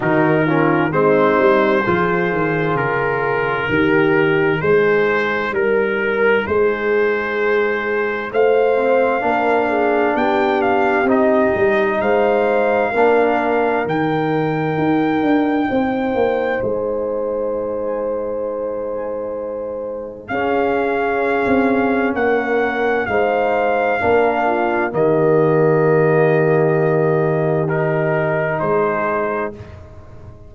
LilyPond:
<<
  \new Staff \with { instrumentName = "trumpet" } { \time 4/4 \tempo 4 = 65 ais'4 c''2 ais'4~ | ais'4 c''4 ais'4 c''4~ | c''4 f''2 g''8 f''8 | dis''4 f''2 g''4~ |
g''2 gis''2~ | gis''2 f''2 | fis''4 f''2 dis''4~ | dis''2 ais'4 c''4 | }
  \new Staff \with { instrumentName = "horn" } { \time 4/4 fis'8 f'8 dis'4 gis'2 | g'4 gis'4 ais'4 gis'4~ | gis'4 c''4 ais'8 gis'8 g'4~ | g'4 c''4 ais'2~ |
ais'4 c''2.~ | c''2 gis'2 | ais'4 c''4 ais'8 f'8 g'4~ | g'2. gis'4 | }
  \new Staff \with { instrumentName = "trombone" } { \time 4/4 dis'8 cis'8 c'4 f'2 | dis'1~ | dis'4. c'8 d'2 | dis'2 d'4 dis'4~ |
dis'1~ | dis'2 cis'2~ | cis'4 dis'4 d'4 ais4~ | ais2 dis'2 | }
  \new Staff \with { instrumentName = "tuba" } { \time 4/4 dis4 gis8 g8 f8 dis8 cis4 | dis4 gis4 g4 gis4~ | gis4 a4 ais4 b4 | c'8 g8 gis4 ais4 dis4 |
dis'8 d'8 c'8 ais8 gis2~ | gis2 cis'4~ cis'16 c'8. | ais4 gis4 ais4 dis4~ | dis2. gis4 | }
>>